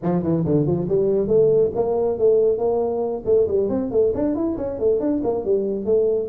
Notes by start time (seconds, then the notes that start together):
0.02 F3
0.22 E3
0.45 D3
0.66 F3
0.88 G3
1.27 A3
1.75 A#3
2.18 A3
2.58 A#3
3.25 A3
3.47 G3
3.69 C4
3.91 A3
4.14 D4
4.35 E4
4.57 C#4
4.79 A3
5.00 D4
5.23 A#3
5.45 G3
5.85 A3